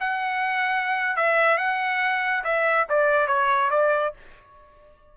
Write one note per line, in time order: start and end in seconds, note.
0.00 1.16 F#5
1.16 1.58 E5
1.58 2.43 F#5
2.44 2.87 E5
2.89 3.27 D5
3.27 3.70 C#5
3.71 4.13 D5